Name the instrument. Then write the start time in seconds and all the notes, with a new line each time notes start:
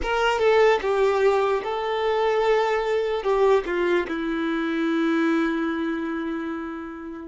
violin
0.02 A#4
0.38 A4
0.81 G4
1.63 A4
3.23 G4
3.66 F4
4.08 E4